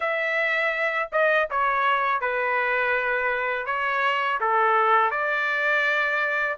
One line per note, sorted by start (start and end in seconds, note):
0.00 1.09 E5
1.12 1.48 D#5
1.50 2.20 C#5
2.20 3.66 B4
3.66 4.39 C#5
4.40 5.11 A4
5.11 6.57 D5